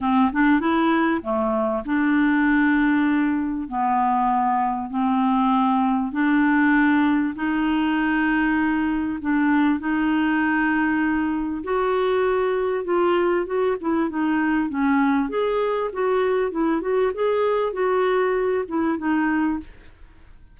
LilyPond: \new Staff \with { instrumentName = "clarinet" } { \time 4/4 \tempo 4 = 98 c'8 d'8 e'4 a4 d'4~ | d'2 b2 | c'2 d'2 | dis'2. d'4 |
dis'2. fis'4~ | fis'4 f'4 fis'8 e'8 dis'4 | cis'4 gis'4 fis'4 e'8 fis'8 | gis'4 fis'4. e'8 dis'4 | }